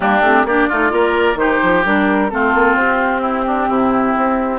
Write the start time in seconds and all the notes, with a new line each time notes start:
0.00 G3 A#3 D4 G4
0.20 A3 C4
0.44 A#3 D4 G4 D5
0.68 A3 D#4 F4
0.89 A#3 F4 A#4
1.35 D#3 D#4 G4 C5
1.62 F3
1.85 G3 D4 A#4
2.30 A3 C4 F4 A4
2.54 A#3
2.74 C4 G4
3.21 E4
3.46 D4
3.68 C3 E4
4.16 C4